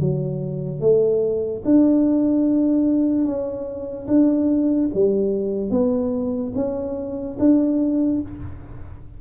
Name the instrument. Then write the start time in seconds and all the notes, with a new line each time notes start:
tuba
0.00 F#3
0.80 A3
1.65 D4
3.25 C#4
4.07 D4
4.94 G3
5.70 B3
6.55 C#4
7.39 D4